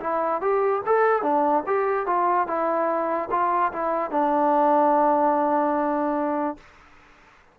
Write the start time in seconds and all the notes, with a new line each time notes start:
0.00 E4
0.41 G4
0.86 A4
1.22 D4
1.66 G4
2.06 F4
2.47 E4
3.31 F4
3.72 E4
4.11 D4